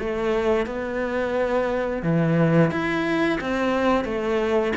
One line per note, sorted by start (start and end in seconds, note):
0.00 0.67 A3
0.67 2.03 B3
2.03 2.71 E3
2.71 3.39 E4
3.41 4.05 C4
4.05 4.74 A3